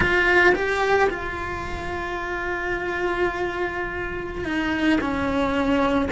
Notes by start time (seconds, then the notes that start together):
0.00 F4
0.54 G4
1.09 F4
4.45 D#4
5.00 C#4